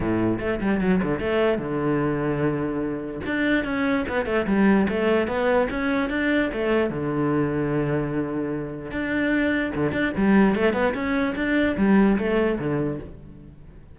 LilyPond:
\new Staff \with { instrumentName = "cello" } { \time 4/4 \tempo 4 = 148 a,4 a8 g8 fis8 d8 a4 | d1 | d'4 cis'4 b8 a8 g4 | a4 b4 cis'4 d'4 |
a4 d2.~ | d2 d'2 | d8 d'8 g4 a8 b8 cis'4 | d'4 g4 a4 d4 | }